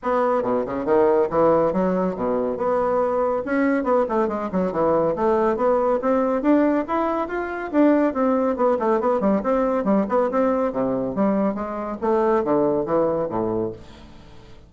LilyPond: \new Staff \with { instrumentName = "bassoon" } { \time 4/4 \tempo 4 = 140 b4 b,8 cis8 dis4 e4 | fis4 b,4 b2 | cis'4 b8 a8 gis8 fis8 e4 | a4 b4 c'4 d'4 |
e'4 f'4 d'4 c'4 | b8 a8 b8 g8 c'4 g8 b8 | c'4 c4 g4 gis4 | a4 d4 e4 a,4 | }